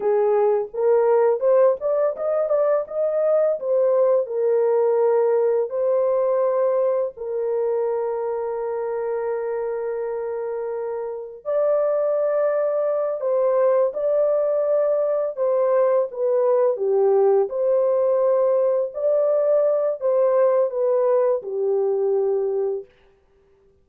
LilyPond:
\new Staff \with { instrumentName = "horn" } { \time 4/4 \tempo 4 = 84 gis'4 ais'4 c''8 d''8 dis''8 d''8 | dis''4 c''4 ais'2 | c''2 ais'2~ | ais'1 |
d''2~ d''8 c''4 d''8~ | d''4. c''4 b'4 g'8~ | g'8 c''2 d''4. | c''4 b'4 g'2 | }